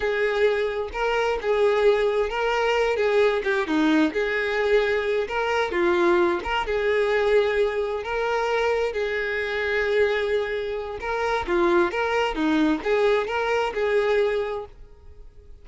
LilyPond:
\new Staff \with { instrumentName = "violin" } { \time 4/4 \tempo 4 = 131 gis'2 ais'4 gis'4~ | gis'4 ais'4. gis'4 g'8 | dis'4 gis'2~ gis'8 ais'8~ | ais'8 f'4. ais'8 gis'4.~ |
gis'4. ais'2 gis'8~ | gis'1 | ais'4 f'4 ais'4 dis'4 | gis'4 ais'4 gis'2 | }